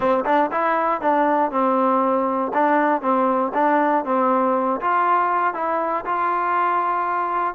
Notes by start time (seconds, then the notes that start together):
0.00 C4
0.25 D4
0.51 E4
1.01 D4
1.51 C4
2.53 D4
3.01 C4
3.54 D4
4.04 C4
4.80 F4
5.54 E4
6.05 F4